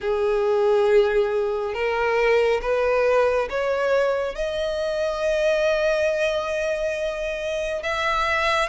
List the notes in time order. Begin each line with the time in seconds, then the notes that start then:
0.00 G#4
1.74 A#4
2.61 B4
3.49 C#5
4.35 D#5
7.83 E5